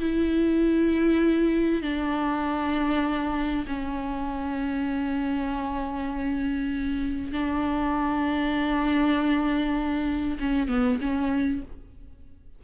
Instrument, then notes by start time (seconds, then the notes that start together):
viola
0.00 E4
1.82 D4
3.67 C#4
7.32 D4
10.40 C#4
10.68 B3
11.01 C#4